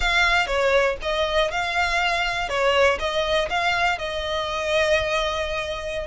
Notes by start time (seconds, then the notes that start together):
0.00 F5
0.47 C#5
1.01 D#5
1.51 F5
2.48 C#5
2.99 D#5
3.49 F5
3.98 D#5